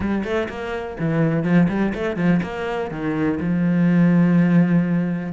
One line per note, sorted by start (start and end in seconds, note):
0.00 0.24 G3
0.24 0.48 A3
0.48 0.97 A#3
0.99 1.43 E3
1.43 1.67 F3
1.68 1.93 G3
1.94 2.16 A3
2.16 2.40 F3
2.42 2.90 A#3
2.90 3.39 D#3
3.40 5.32 F3